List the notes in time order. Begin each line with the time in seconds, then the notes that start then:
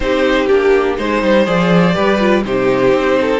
0.00 C4 D#4 G4 C5
0.47 A#3 D4 G4
0.97 G#3 D#4 C5
1.22 G3
1.45 F3 G#4 D5
1.93 G3 G4 B4
2.19 F4
2.44 C3 D#4 G4 C5
2.92 C4
3.20 A4